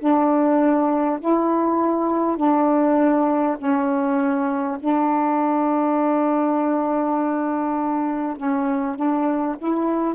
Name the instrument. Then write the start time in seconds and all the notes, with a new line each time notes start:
saxophone
0.00 D4
1.21 E4
2.38 D4
3.58 C#4
4.80 D4
8.37 C#4
8.96 D4
9.58 E4